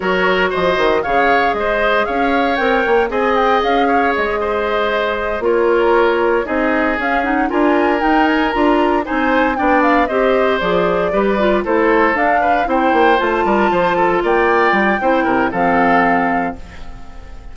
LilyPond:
<<
  \new Staff \with { instrumentName = "flute" } { \time 4/4 \tempo 4 = 116 cis''4 dis''4 f''4 dis''4 | f''4 g''4 gis''8 g''8 f''4 | dis''2~ dis''8 cis''4.~ | cis''8 dis''4 f''8 fis''8 gis''4 g''8 |
gis''8 ais''4 gis''4 g''8 f''8 dis''8~ | dis''8 d''2 c''4 f''8~ | f''8 g''4 a''2 g''8~ | g''2 f''2 | }
  \new Staff \with { instrumentName = "oboe" } { \time 4/4 ais'4 c''4 cis''4 c''4 | cis''2 dis''4. cis''8~ | cis''8 c''2 ais'4.~ | ais'8 gis'2 ais'4.~ |
ais'4. c''4 d''4 c''8~ | c''4. b'4 a'4. | b'8 c''4. ais'8 c''8 a'8 d''8~ | d''4 c''8 ais'8 a'2 | }
  \new Staff \with { instrumentName = "clarinet" } { \time 4/4 fis'2 gis'2~ | gis'4 ais'4 gis'2~ | gis'2~ gis'8 f'4.~ | f'8 dis'4 cis'8 dis'8 f'4 dis'8~ |
dis'8 f'4 dis'4 d'4 g'8~ | g'8 gis'4 g'8 f'8 e'4 d'8~ | d'8 e'4 f'2~ f'8~ | f'4 e'4 c'2 | }
  \new Staff \with { instrumentName = "bassoon" } { \time 4/4 fis4 f8 dis8 cis4 gis4 | cis'4 c'8 ais8 c'4 cis'4 | gis2~ gis8 ais4.~ | ais8 c'4 cis'4 d'4 dis'8~ |
dis'8 d'4 c'4 b4 c'8~ | c'8 f4 g4 a4 d'8~ | d'8 c'8 ais8 a8 g8 f4 ais8~ | ais8 g8 c'8 c8 f2 | }
>>